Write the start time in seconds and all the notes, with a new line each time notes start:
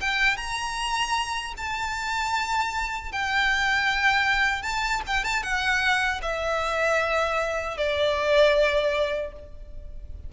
0.00 G5
0.37 A#5
1.57 A5
3.12 G5
4.62 A5
5.06 G5
5.23 A5
5.43 F#5
6.22 E5
7.77 D5